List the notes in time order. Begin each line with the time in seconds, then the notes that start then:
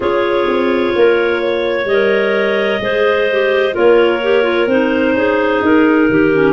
0.00 C#4 F4 G#4 C#5
0.47 C4
0.95 A#3 A#4
1.42 C#5
1.85 G3 D#5
1.91 A#4
2.80 G#3 G#4 C5
3.31 G4
3.72 A#3 F4 A#4 C#5
4.22 G4
4.42 F4
4.66 C4 D#4 C5
5.13 C#4 G#4
5.62 D#4 A#4
6.10 D#3 G4
6.32 C#4